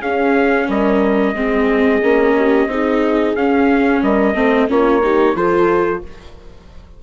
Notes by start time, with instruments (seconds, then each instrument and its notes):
0.00 viola C#4, bassoon C#4, horn G#4, trumpet F5
0.68 bassoon G3, horn A#4, trumpet D#5
1.34 bassoon G#3, viola C4, horn G#4
2.02 bassoon A#3, viola C#4
2.36 horn G4
2.66 bassoon C4, viola D#4, horn G#4
3.35 bassoon C#4, viola C#4, trumpet F5
4.02 bassoon G3, horn A#4, trumpet D#5
4.34 bassoon A3, viola C4, horn C5
4.67 bassoon A#3, viola C#4, horn F4, trumpet C#5
5.02 viola D#4, horn G4
5.35 bassoon F3, viola F4, horn A4, trumpet C5